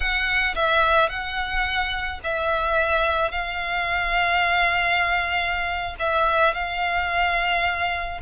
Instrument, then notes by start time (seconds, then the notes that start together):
violin
0.00 F#5
0.55 E5
1.09 F#5
2.23 E5
3.31 F5
5.99 E5
6.54 F5